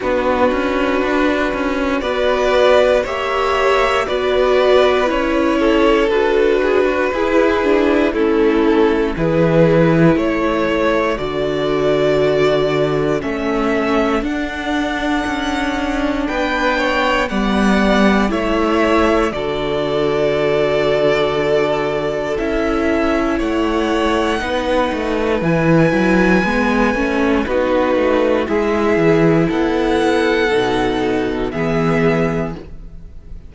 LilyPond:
<<
  \new Staff \with { instrumentName = "violin" } { \time 4/4 \tempo 4 = 59 b'2 d''4 e''4 | d''4 cis''4 b'2 | a'4 b'4 cis''4 d''4~ | d''4 e''4 fis''2 |
g''4 fis''4 e''4 d''4~ | d''2 e''4 fis''4~ | fis''4 gis''2 b'4 | e''4 fis''2 e''4 | }
  \new Staff \with { instrumentName = "violin" } { \time 4/4 fis'2 b'4 cis''4 | b'4. a'4 gis'16 fis'16 gis'4 | e'4 gis'4 a'2~ | a'1 |
b'8 cis''8 d''4 cis''4 a'4~ | a'2. cis''4 | b'2. fis'4 | gis'4 a'2 gis'4 | }
  \new Staff \with { instrumentName = "viola" } { \time 4/4 d'2 fis'4 g'4 | fis'4 e'4 fis'4 e'8 d'8 | cis'4 e'2 fis'4~ | fis'4 cis'4 d'2~ |
d'4 b4 e'4 fis'4~ | fis'2 e'2 | dis'4 e'4 b8 cis'8 dis'4 | e'2 dis'4 b4 | }
  \new Staff \with { instrumentName = "cello" } { \time 4/4 b8 cis'8 d'8 cis'8 b4 ais4 | b4 cis'4 d'4 e'4 | a4 e4 a4 d4~ | d4 a4 d'4 cis'4 |
b4 g4 a4 d4~ | d2 cis'4 a4 | b8 a8 e8 fis8 gis8 a8 b8 a8 | gis8 e8 b4 b,4 e4 | }
>>